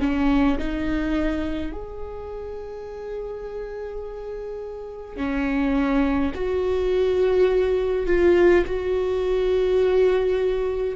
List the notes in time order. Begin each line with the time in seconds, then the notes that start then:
0.00 C#4
0.58 D#4
1.72 G#4
5.17 C#4
6.35 F#4
8.07 F4
8.65 F#4